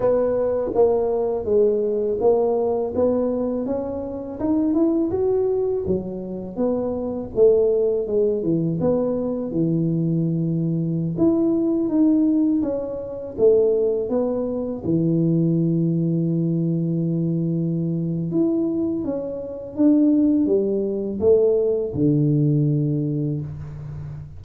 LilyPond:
\new Staff \with { instrumentName = "tuba" } { \time 4/4 \tempo 4 = 82 b4 ais4 gis4 ais4 | b4 cis'4 dis'8 e'8 fis'4 | fis4 b4 a4 gis8 e8 | b4 e2~ e16 e'8.~ |
e'16 dis'4 cis'4 a4 b8.~ | b16 e2.~ e8.~ | e4 e'4 cis'4 d'4 | g4 a4 d2 | }